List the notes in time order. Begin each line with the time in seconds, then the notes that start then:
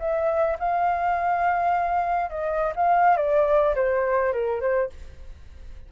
0.00 E5
0.60 F5
2.30 D#5
2.76 F5
3.17 D5
3.76 C5
4.33 A#4
4.61 C5